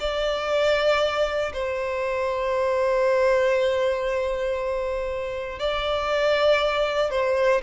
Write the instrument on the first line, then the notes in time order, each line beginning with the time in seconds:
violin
0.00 D5
1.53 C5
5.60 D5
7.11 C5